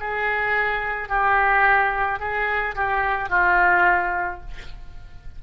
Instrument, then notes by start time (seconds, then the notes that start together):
oboe
0.00 G#4
1.09 G4
2.20 G#4
2.76 G4
3.30 F4